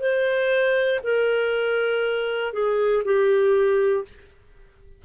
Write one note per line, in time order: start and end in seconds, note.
0.00 1.00 C5
1.04 2.54 A#4
2.54 3.04 G#4
3.05 4.05 G4